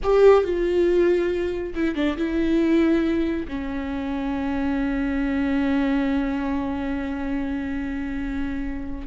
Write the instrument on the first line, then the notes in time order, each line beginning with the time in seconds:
viola
0.03 G4
0.44 F4
1.74 E4
1.95 D4
2.17 E4
3.48 C#4